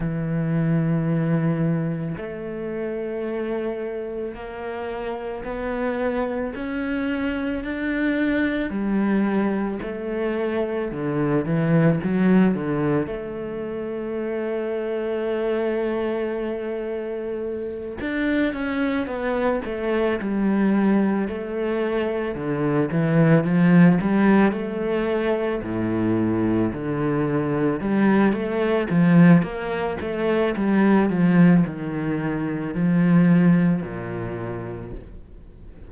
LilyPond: \new Staff \with { instrumentName = "cello" } { \time 4/4 \tempo 4 = 55 e2 a2 | ais4 b4 cis'4 d'4 | g4 a4 d8 e8 fis8 d8 | a1~ |
a8 d'8 cis'8 b8 a8 g4 a8~ | a8 d8 e8 f8 g8 a4 a,8~ | a,8 d4 g8 a8 f8 ais8 a8 | g8 f8 dis4 f4 ais,4 | }